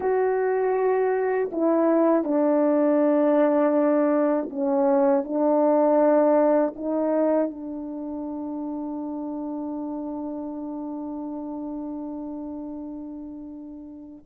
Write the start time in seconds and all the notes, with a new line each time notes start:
0.00 F#4
1.52 E4
2.23 D4
4.50 C#4
5.24 D4
6.75 D#4
7.50 D4